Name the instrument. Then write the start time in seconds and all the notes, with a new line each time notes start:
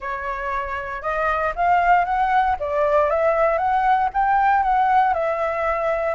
flute
0.00 C#5
1.02 D#5
1.55 F5
2.04 F#5
2.59 D5
3.09 E5
3.58 F#5
4.13 G5
4.62 F#5
5.13 E5